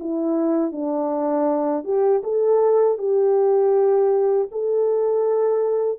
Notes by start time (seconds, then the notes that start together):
0.00 E4
0.72 D4
1.84 G4
2.23 A4
2.98 G4
4.51 A4